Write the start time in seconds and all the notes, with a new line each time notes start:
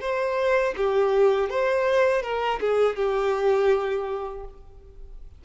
0.00 C5
0.76 G4
1.49 C5
2.22 A#4
2.60 G#4
2.96 G4